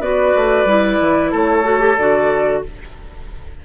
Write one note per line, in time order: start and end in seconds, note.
0.00 0.33 B3
0.00 0.67 F#4
0.00 1.31 B4
0.00 1.33 D5
0.35 0.65 A3
0.65 0.98 G3
0.65 1.64 E4
1.01 1.33 E3
1.31 1.98 A3
1.31 2.63 A4
1.31 1.97 C#5
1.64 1.80 F#4
1.80 1.96 G4
1.97 2.63 D3
1.97 2.65 F#4
1.97 2.63 D5